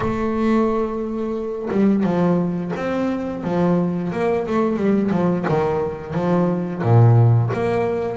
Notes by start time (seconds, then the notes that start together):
0.00 A3
1.70 G3
2.03 F3
2.76 C4
3.43 F3
4.12 A#3
4.46 A3
4.76 G3
5.11 F3
5.48 D#3
6.14 F3
6.82 A#2
7.53 A#3